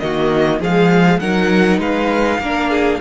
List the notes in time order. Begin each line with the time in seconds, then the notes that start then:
0.00 D#3 A#3 F#4 D#5
0.60 F3 G#3 G#4 F5
1.20 F#3 D#4 A#4 F#5
1.79 G#3 B4 F5
2.39 A#3 D4 A#4
2.71 G#4